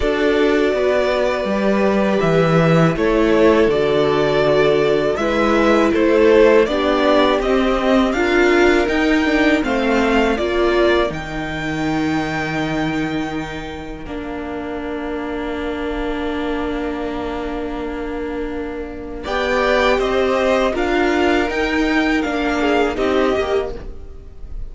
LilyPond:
<<
  \new Staff \with { instrumentName = "violin" } { \time 4/4 \tempo 4 = 81 d''2. e''4 | cis''4 d''2 e''4 | c''4 d''4 dis''4 f''4 | g''4 f''4 d''4 g''4~ |
g''2. f''4~ | f''1~ | f''2 g''4 dis''4 | f''4 g''4 f''4 dis''4 | }
  \new Staff \with { instrumentName = "violin" } { \time 4/4 a'4 b'2. | a'2. b'4 | a'4 g'2 ais'4~ | ais'4 c''4 ais'2~ |
ais'1~ | ais'1~ | ais'2 d''4 c''4 | ais'2~ ais'8 gis'8 g'4 | }
  \new Staff \with { instrumentName = "viola" } { \time 4/4 fis'2 g'2 | e'4 fis'2 e'4~ | e'4 d'4 c'4 f'4 | dis'8 d'8 c'4 f'4 dis'4~ |
dis'2. d'4~ | d'1~ | d'2 g'2 | f'4 dis'4 d'4 dis'8 g'8 | }
  \new Staff \with { instrumentName = "cello" } { \time 4/4 d'4 b4 g4 e4 | a4 d2 gis4 | a4 b4 c'4 d'4 | dis'4 a4 ais4 dis4~ |
dis2. ais4~ | ais1~ | ais2 b4 c'4 | d'4 dis'4 ais4 c'8 ais8 | }
>>